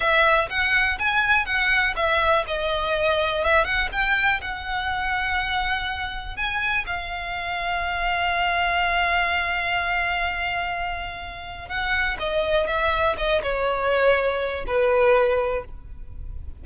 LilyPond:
\new Staff \with { instrumentName = "violin" } { \time 4/4 \tempo 4 = 123 e''4 fis''4 gis''4 fis''4 | e''4 dis''2 e''8 fis''8 | g''4 fis''2.~ | fis''4 gis''4 f''2~ |
f''1~ | f''1 | fis''4 dis''4 e''4 dis''8 cis''8~ | cis''2 b'2 | }